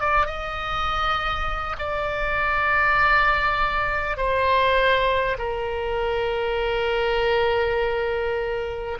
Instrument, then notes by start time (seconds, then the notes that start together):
oboe
0.00 D5
0.26 D#5
1.78 D5
4.17 C5
5.38 A#4